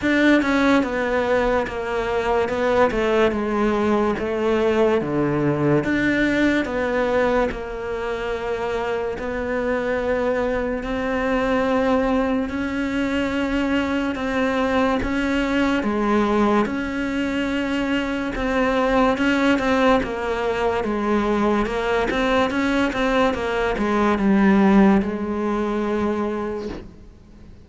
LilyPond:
\new Staff \with { instrumentName = "cello" } { \time 4/4 \tempo 4 = 72 d'8 cis'8 b4 ais4 b8 a8 | gis4 a4 d4 d'4 | b4 ais2 b4~ | b4 c'2 cis'4~ |
cis'4 c'4 cis'4 gis4 | cis'2 c'4 cis'8 c'8 | ais4 gis4 ais8 c'8 cis'8 c'8 | ais8 gis8 g4 gis2 | }